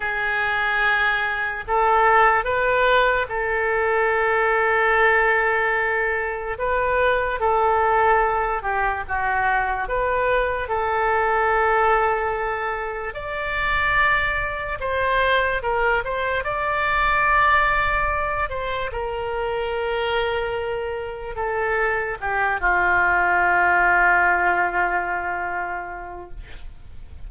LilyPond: \new Staff \with { instrumentName = "oboe" } { \time 4/4 \tempo 4 = 73 gis'2 a'4 b'4 | a'1 | b'4 a'4. g'8 fis'4 | b'4 a'2. |
d''2 c''4 ais'8 c''8 | d''2~ d''8 c''8 ais'4~ | ais'2 a'4 g'8 f'8~ | f'1 | }